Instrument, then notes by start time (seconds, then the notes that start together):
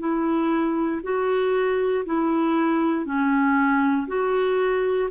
clarinet
0.00 E4
1.03 F#4
2.06 E4
3.06 C#4
4.08 F#4